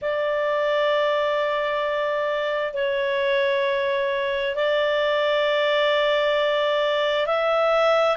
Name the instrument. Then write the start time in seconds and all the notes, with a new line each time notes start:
clarinet
0.01 D5
2.73 C#5
4.55 D5
7.26 E5